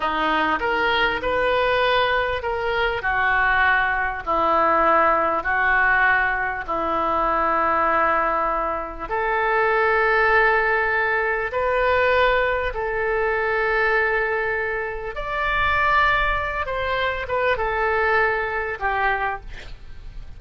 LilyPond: \new Staff \with { instrumentName = "oboe" } { \time 4/4 \tempo 4 = 99 dis'4 ais'4 b'2 | ais'4 fis'2 e'4~ | e'4 fis'2 e'4~ | e'2. a'4~ |
a'2. b'4~ | b'4 a'2.~ | a'4 d''2~ d''8 c''8~ | c''8 b'8 a'2 g'4 | }